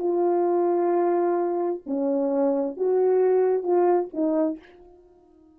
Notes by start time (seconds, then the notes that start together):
0.00 F4
1.87 C#4
2.77 F#4
3.64 F4
4.14 D#4